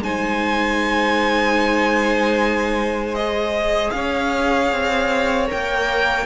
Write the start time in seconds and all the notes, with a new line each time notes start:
0.00 G#3 D#4 C5 G#5
3.15 G#4 D#5
3.91 C#4 C#5 F5
4.72 C4
5.47 A#4 G5
5.53 A#3